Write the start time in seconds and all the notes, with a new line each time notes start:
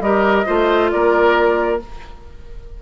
0.00 G3 G4 A#4 D#5
0.46 A3 F4 C5
0.90 A#3 A#4 D5